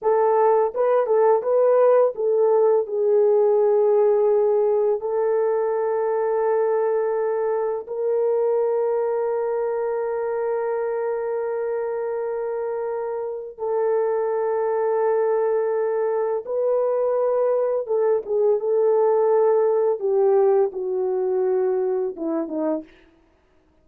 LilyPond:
\new Staff \with { instrumentName = "horn" } { \time 4/4 \tempo 4 = 84 a'4 b'8 a'8 b'4 a'4 | gis'2. a'4~ | a'2. ais'4~ | ais'1~ |
ais'2. a'4~ | a'2. b'4~ | b'4 a'8 gis'8 a'2 | g'4 fis'2 e'8 dis'8 | }